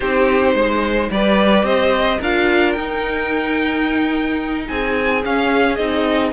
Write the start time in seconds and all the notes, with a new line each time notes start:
0.00 C4 D#4 G4 C5
0.54 G#3 C5
1.10 G3 G4 B4 D5
1.63 C4 C5 D#5
2.19 D4 F4 A#4 F5
2.72 D#4 G5
4.68 C4 G#4 G#5
5.23 C#4 F5
5.75 C4 D#4 D#5